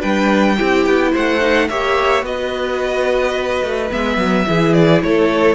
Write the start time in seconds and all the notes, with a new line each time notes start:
0.00 G3 D4 B4 G5
0.57 C4 E4 G4
0.86 B3
1.11 A3 C5 F#5
1.40 D#4
1.68 A#3 G4 C#5 E5
2.22 B3 F#4 B4 D#5
3.63 A3
3.90 G#3 B3 E5
4.17 F#3
4.46 E3 E4 G#4
4.73 D5
5.03 A3 A4 C#5